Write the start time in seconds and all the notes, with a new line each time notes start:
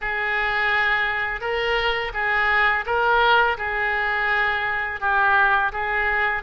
0.01 G#4
1.40 A#4
2.13 G#4
2.85 A#4
3.57 G#4
5.00 G4
5.72 G#4